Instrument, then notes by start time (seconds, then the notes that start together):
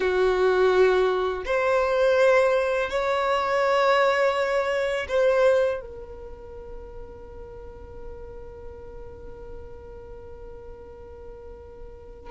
violin
0.00 F#4
1.45 C5
2.89 C#5
5.08 C5
5.80 A#4